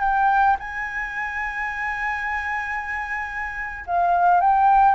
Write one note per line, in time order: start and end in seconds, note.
0.00 0.57 G5
0.59 3.85 G#5
3.86 4.40 F5
4.40 4.95 G5